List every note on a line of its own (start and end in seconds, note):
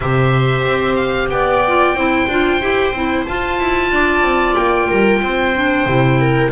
0.00 0.64 C3
0.00 1.63 G4
0.00 1.28 C5
0.00 0.95 E5
0.64 1.29 C4
0.95 1.28 F5
1.29 1.93 B3
1.29 1.96 D5
1.29 3.25 G5
1.67 1.96 F4
1.93 2.26 C4
1.93 2.28 E4
1.93 3.92 C5
2.28 2.60 D4
2.28 2.61 F4
2.61 2.92 E4
2.61 2.93 G4
2.92 3.24 C4
2.92 3.26 E4
3.25 5.55 F4
3.25 3.59 F4
3.25 4.55 A5
3.59 3.91 E4
3.91 4.22 D4
3.91 4.87 D5
4.22 4.54 C4
4.55 4.89 A#3
4.55 6.51 G5
4.87 5.22 G3
4.87 5.20 A#4
5.22 5.86 C4
5.22 6.20 C5
5.55 5.87 D4
5.86 6.51 C3
5.86 6.51 E4
6.20 6.51 A#4